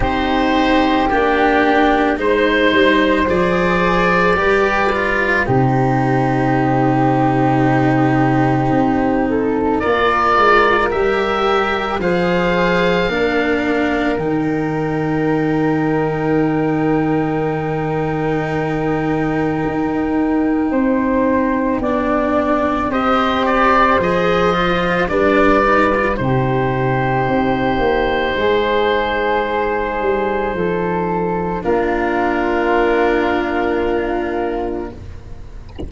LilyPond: <<
  \new Staff \with { instrumentName = "oboe" } { \time 4/4 \tempo 4 = 55 c''4 g'4 c''4 d''4~ | d''4 c''2.~ | c''4 d''4 e''4 f''4~ | f''4 g''2.~ |
g''1~ | g''4 dis''8 d''8 dis''4 d''4 | c''1~ | c''4 ais'2. | }
  \new Staff \with { instrumentName = "flute" } { \time 4/4 g'2 c''2 | b'4 g'2.~ | g'8 a'8 ais'2 c''4 | ais'1~ |
ais'2. c''4 | d''4 c''2 b'4 | g'2 gis'2 | a'4 f'2. | }
  \new Staff \with { instrumentName = "cello" } { \time 4/4 dis'4 d'4 dis'4 gis'4 | g'8 f'8 dis'2.~ | dis'4 f'4 g'4 gis'4 | d'4 dis'2.~ |
dis'1 | d'4 g'4 gis'8 f'8 d'8 dis'16 f'16 | dis'1~ | dis'4 d'2. | }
  \new Staff \with { instrumentName = "tuba" } { \time 4/4 c'4 ais4 gis8 g8 f4 | g4 c2. | c'4 ais8 gis8 g4 f4 | ais4 dis2.~ |
dis2 dis'4 c'4 | b4 c'4 f4 g4 | c4 c'8 ais8 gis4. g8 | f4 ais2. | }
>>